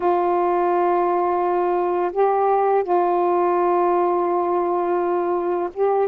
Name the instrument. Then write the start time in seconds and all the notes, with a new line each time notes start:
saxophone
0.00 F4
2.12 G4
2.83 F4
5.73 G4